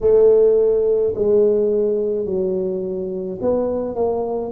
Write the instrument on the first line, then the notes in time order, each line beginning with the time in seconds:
tuba
0.01 A3
1.15 G#3
2.25 F#3
3.41 B3
3.95 A#3